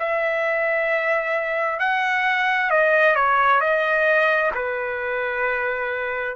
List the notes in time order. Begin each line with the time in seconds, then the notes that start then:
0.00 E5
1.80 F#5
2.71 D#5
3.16 C#5
3.61 D#5
4.55 B4